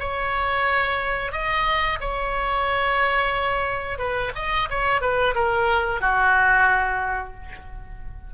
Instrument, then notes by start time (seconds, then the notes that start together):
oboe
0.00 C#5
1.32 D#5
2.01 C#5
3.99 B4
4.36 D#5
4.70 C#5
5.01 B4
5.35 A#4
6.01 F#4